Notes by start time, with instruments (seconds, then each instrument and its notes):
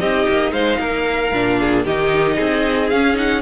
0.00 cello C4, viola D#4, violin G4 D#5
0.29 cello A#3
0.52 cello G#3, violin C5 F5
0.79 cello A#3, violin A#4
1.33 cello A#2, viola D4
1.60 violin G#4
1.85 cello D#3, viola D#4, violin G4 D#5
2.37 cello C4, violin G#4
2.90 cello C#4, viola C#4, violin F5
3.15 viola D#4, violin F#5